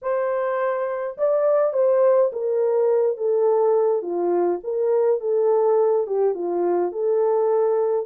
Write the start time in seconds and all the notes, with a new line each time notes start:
0.02 C5
1.17 D5
1.73 C5
2.32 A#4
3.17 A4
4.01 F4
4.63 A#4
5.20 A4
6.06 G4
6.34 F4
6.92 A4